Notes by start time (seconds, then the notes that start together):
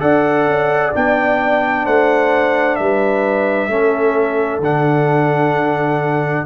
0.00 D4 A4 D5 F#5
0.47 C#4
0.94 B3 D4 G5
1.86 A3 C5 F#5
2.76 G3 B4 E5
3.68 A3 C#4 A4
4.60 D3 D4 F#5